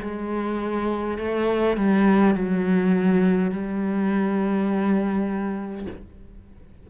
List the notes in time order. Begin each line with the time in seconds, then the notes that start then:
0.00 G#3
1.18 A3
1.76 G3
2.35 F#3
3.51 G3